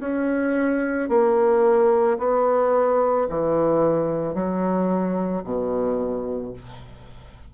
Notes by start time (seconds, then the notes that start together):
0.00 C#4
1.09 A#3
2.19 B3
3.30 E3
4.34 F#3
5.44 B2